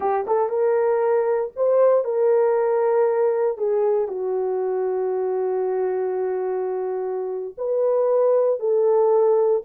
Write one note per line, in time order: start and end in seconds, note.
0.00 0.26 G4
0.27 0.49 A4
0.49 1.51 A#4
1.55 2.04 C5
2.04 3.57 A#4
3.57 4.08 G#4
4.08 7.54 F#4
7.57 8.59 B4
8.59 9.62 A4